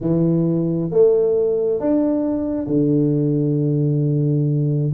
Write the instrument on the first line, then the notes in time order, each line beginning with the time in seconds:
tuba
0.01 E3
0.90 A3
1.80 D4
2.67 D3